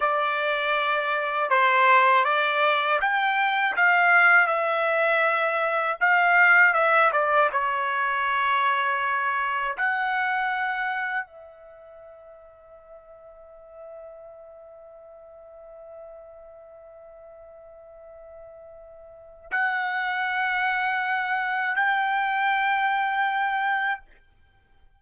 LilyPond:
\new Staff \with { instrumentName = "trumpet" } { \time 4/4 \tempo 4 = 80 d''2 c''4 d''4 | g''4 f''4 e''2 | f''4 e''8 d''8 cis''2~ | cis''4 fis''2 e''4~ |
e''1~ | e''1~ | e''2 fis''2~ | fis''4 g''2. | }